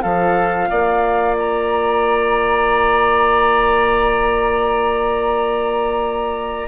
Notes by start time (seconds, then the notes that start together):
0.00 F3 F4 A4 F5
0.70 A#3 D5
1.38 A#5